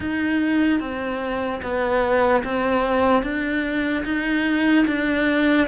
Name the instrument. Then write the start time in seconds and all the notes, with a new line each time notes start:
cello
0.00 D#4
0.80 C4
1.62 B3
2.43 C4
3.22 D4
4.04 D#4
4.86 D4